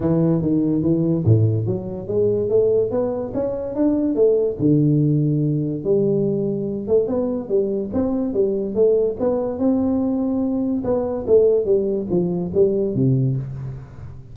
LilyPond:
\new Staff \with { instrumentName = "tuba" } { \time 4/4 \tempo 4 = 144 e4 dis4 e4 a,4 | fis4 gis4 a4 b4 | cis'4 d'4 a4 d4~ | d2 g2~ |
g8 a8 b4 g4 c'4 | g4 a4 b4 c'4~ | c'2 b4 a4 | g4 f4 g4 c4 | }